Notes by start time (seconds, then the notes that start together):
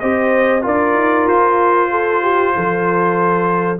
0.00 C4 G4 C5 D#5
0.62 D4 F4 A#4 D5
0.94 D#4
1.27 F4 C5
1.91 A4
2.23 G4
2.56 F3 A4